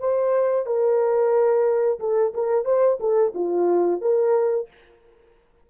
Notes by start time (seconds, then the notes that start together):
0.00 C5
0.67 A#4
2.00 A4
2.35 A#4
2.65 C5
3.00 A4
3.35 F4
4.02 A#4